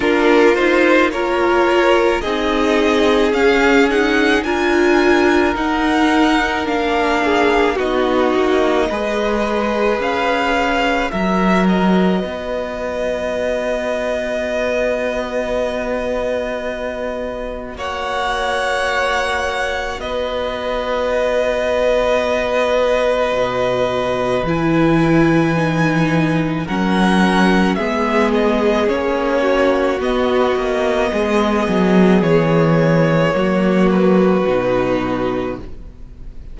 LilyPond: <<
  \new Staff \with { instrumentName = "violin" } { \time 4/4 \tempo 4 = 54 ais'8 c''8 cis''4 dis''4 f''8 fis''8 | gis''4 fis''4 f''4 dis''4~ | dis''4 f''4 e''8 dis''4.~ | dis''1 |
fis''2 dis''2~ | dis''2 gis''2 | fis''4 e''8 dis''8 cis''4 dis''4~ | dis''4 cis''4. b'4. | }
  \new Staff \with { instrumentName = "violin" } { \time 4/4 f'4 ais'4 gis'2 | ais'2~ ais'8 gis'8 fis'4 | b'2 ais'4 b'4~ | b'1 |
cis''2 b'2~ | b'1 | ais'4 gis'4. fis'4. | gis'2 fis'2 | }
  \new Staff \with { instrumentName = "viola" } { \time 4/4 d'8 dis'8 f'4 dis'4 cis'8 dis'8 | f'4 dis'4 d'4 dis'4 | gis'2 fis'2~ | fis'1~ |
fis'1~ | fis'2 e'4 dis'4 | cis'4 b4 cis'4 b4~ | b2 ais4 dis'4 | }
  \new Staff \with { instrumentName = "cello" } { \time 4/4 ais2 c'4 cis'4 | d'4 dis'4 ais4 b8 ais8 | gis4 cis'4 fis4 b4~ | b1 |
ais2 b2~ | b4 b,4 e2 | fis4 gis4 ais4 b8 ais8 | gis8 fis8 e4 fis4 b,4 | }
>>